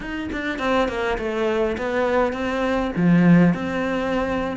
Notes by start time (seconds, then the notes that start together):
0.00 D#4
0.32 D4
0.59 C4
0.88 A#3
1.18 A3
1.77 B3
2.32 C4
2.96 F3
3.53 C4